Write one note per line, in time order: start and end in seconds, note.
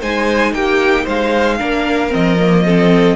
0.00 0.53 G#3
0.00 1.59 D#4
0.00 0.53 C5
0.00 0.54 G#5
0.53 1.06 A#3
0.53 1.04 G4
0.53 1.06 G5
1.04 1.60 G#3
1.04 1.57 C5
1.04 2.13 F5
1.59 2.14 A#3
1.59 2.10 D4
1.59 2.64 A#4
2.10 3.16 F3
2.10 2.36 C4
2.10 3.16 D#5
2.40 2.66 A#3
2.66 3.16 C4
2.66 3.16 A4